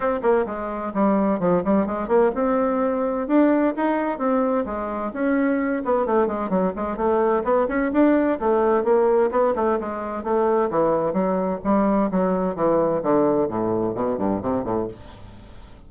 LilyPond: \new Staff \with { instrumentName = "bassoon" } { \time 4/4 \tempo 4 = 129 c'8 ais8 gis4 g4 f8 g8 | gis8 ais8 c'2 d'4 | dis'4 c'4 gis4 cis'4~ | cis'8 b8 a8 gis8 fis8 gis8 a4 |
b8 cis'8 d'4 a4 ais4 | b8 a8 gis4 a4 e4 | fis4 g4 fis4 e4 | d4 a,4 b,8 g,8 c8 a,8 | }